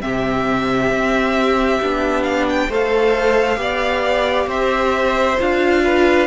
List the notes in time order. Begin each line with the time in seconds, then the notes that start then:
0.00 C3 C4 G4 E5
0.90 C4
1.81 B3 D4
2.23 F5
2.49 G5
2.68 A3 A4 C5 F5
3.56 B3 G4 D5
4.46 C4 C5 E5
5.39 D4 F4 F5
5.83 B4